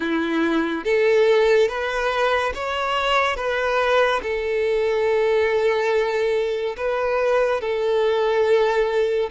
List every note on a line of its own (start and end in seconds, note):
0.00 0.84 E4
0.84 1.68 A4
1.68 2.52 B4
2.54 3.36 C#5
3.36 4.20 B4
4.22 6.76 A4
6.76 7.60 B4
7.60 9.29 A4